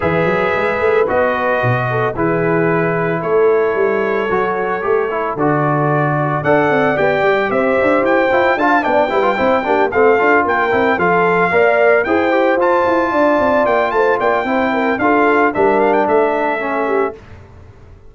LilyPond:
<<
  \new Staff \with { instrumentName = "trumpet" } { \time 4/4 \tempo 4 = 112 e''2 dis''2 | b'2 cis''2~ | cis''2 d''2 | fis''4 g''4 e''4 g''4 |
a''8 g''2 f''4 g''8~ | g''8 f''2 g''4 a''8~ | a''4. g''8 a''8 g''4. | f''4 e''8 f''16 g''16 e''2 | }
  \new Staff \with { instrumentName = "horn" } { \time 4/4 b'2.~ b'8 a'8 | gis'2 a'2~ | a'1 | d''2 c''2 |
f''8 d''8 b'8 c''8 g'8 a'4 ais'8~ | ais'8 a'4 d''4 c''4.~ | c''8 d''4. c''8 d''8 c''8 ais'8 | a'4 ais'4 a'4. g'8 | }
  \new Staff \with { instrumentName = "trombone" } { \time 4/4 gis'2 fis'2 | e'1 | fis'4 g'8 e'8 fis'2 | a'4 g'2~ g'8 e'8 |
f'8 d'8 e'16 f'16 e'8 d'8 c'8 f'4 | e'8 f'4 ais'4 gis'8 g'8 f'8~ | f'2. e'4 | f'4 d'2 cis'4 | }
  \new Staff \with { instrumentName = "tuba" } { \time 4/4 e8 fis8 gis8 a8 b4 b,4 | e2 a4 g4 | fis4 a4 d2 | d'8 c'8 b8 g8 c'8 d'8 e'8 f'8 |
d'8 b8 g8 c'8 ais8 a8 d'8 ais8 | c'8 f4 ais4 e'4 f'8 | e'8 d'8 c'8 ais8 a8 ais8 c'4 | d'4 g4 a2 | }
>>